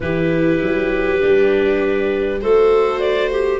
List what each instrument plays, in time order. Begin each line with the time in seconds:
0.00 tuba E3, viola E4 G4, clarinet B4
0.62 tuba F#3
1.20 tuba G3, viola D4
2.41 tuba A3, viola F#4 C5, clarinet A4
2.99 clarinet D5
3.31 clarinet G4